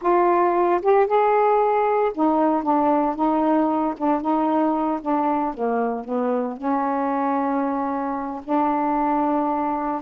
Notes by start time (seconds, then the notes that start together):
0.01 F4
0.82 G4
1.06 G#4
2.14 D#4
2.63 D4
3.15 D#4
3.97 D4
4.21 D#4
5.01 D4
5.54 A#3
6.04 B3
6.57 C#4
8.44 D4